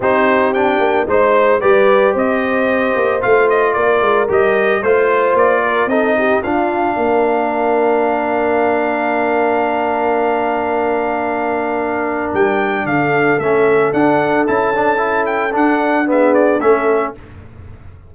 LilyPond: <<
  \new Staff \with { instrumentName = "trumpet" } { \time 4/4 \tempo 4 = 112 c''4 g''4 c''4 d''4 | dis''2 f''8 dis''8 d''4 | dis''4 c''4 d''4 dis''4 | f''1~ |
f''1~ | f''2. g''4 | f''4 e''4 fis''4 a''4~ | a''8 g''8 fis''4 e''8 d''8 e''4 | }
  \new Staff \with { instrumentName = "horn" } { \time 4/4 g'2 c''4 b'4 | c''2. ais'4~ | ais'4 c''4. ais'8 a'8 g'8 | f'4 ais'2.~ |
ais'1~ | ais'1 | a'1~ | a'2 gis'4 a'4 | }
  \new Staff \with { instrumentName = "trombone" } { \time 4/4 dis'4 d'4 dis'4 g'4~ | g'2 f'2 | g'4 f'2 dis'4 | d'1~ |
d'1~ | d'1~ | d'4 cis'4 d'4 e'8 d'8 | e'4 d'4 b4 cis'4 | }
  \new Staff \with { instrumentName = "tuba" } { \time 4/4 c'4. ais8 gis4 g4 | c'4. ais8 a4 ais8 gis8 | g4 a4 ais4 c'4 | d'4 ais2.~ |
ais1~ | ais2. g4 | d4 a4 d'4 cis'4~ | cis'4 d'2 a4 | }
>>